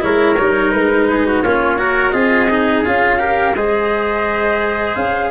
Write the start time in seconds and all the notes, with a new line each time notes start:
0.00 G#3 E4 A#4 C#5
0.39 G3 D#4
0.71 G#3 B4
1.10 G#4
1.26 F#4
1.42 A#3 C#4 F4 C#5
1.77 F#4 A#4
2.10 C4 F4 G#4 D#5
2.49 D#4
2.85 C#4 F4 F5
3.19 G4 A#4
3.53 G#3 G#4 C5 D#5
4.95 C#4 F5